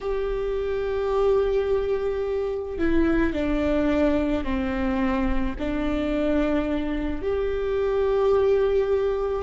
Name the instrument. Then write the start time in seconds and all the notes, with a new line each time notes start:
viola
0.00 G4
2.78 E4
3.33 D4
4.43 C4
5.58 D4
7.21 G4